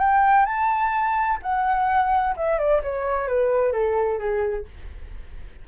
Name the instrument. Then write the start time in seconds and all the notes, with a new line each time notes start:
flute
0.00 G5
0.46 A5
1.43 F#5
2.37 E5
2.59 D5
2.83 C#5
3.28 B4
3.73 A4
4.19 G#4